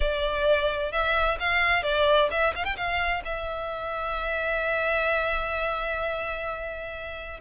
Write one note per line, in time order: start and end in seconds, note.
0.00 0.91 D5
0.91 1.38 E5
1.39 1.83 F5
1.83 2.29 D5
2.30 2.53 E5
2.55 2.65 F5
2.65 2.76 G5
2.76 3.22 F5
3.25 7.40 E5